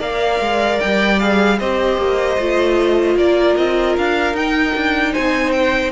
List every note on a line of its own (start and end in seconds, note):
0.00 0.40 A#3
0.00 1.18 A#4
0.00 1.58 D5
0.00 0.80 F5
0.41 0.80 G#3
0.80 1.61 G3
0.80 1.20 G5
1.20 1.60 G#4
1.20 1.59 F5
1.59 1.98 C4
1.59 2.39 G4
1.59 3.18 C5
1.59 3.17 D#5
1.98 2.37 A#3
2.39 3.16 A3
2.39 4.36 F4
3.16 3.55 A#3
3.16 5.13 A#4
3.16 3.57 D5
3.57 3.98 C4
3.57 3.96 D#5
3.98 4.34 D4
3.98 4.36 F5
4.34 4.73 D#4
4.34 5.93 D#4
4.34 5.14 G5
4.76 5.15 D4
5.13 5.93 C4
5.13 5.92 C5
5.13 5.52 G#5
5.52 5.91 G5